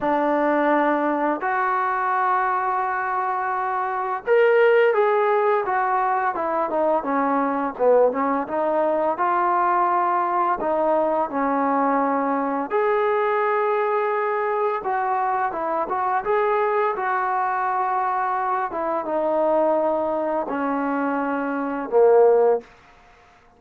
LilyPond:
\new Staff \with { instrumentName = "trombone" } { \time 4/4 \tempo 4 = 85 d'2 fis'2~ | fis'2 ais'4 gis'4 | fis'4 e'8 dis'8 cis'4 b8 cis'8 | dis'4 f'2 dis'4 |
cis'2 gis'2~ | gis'4 fis'4 e'8 fis'8 gis'4 | fis'2~ fis'8 e'8 dis'4~ | dis'4 cis'2 ais4 | }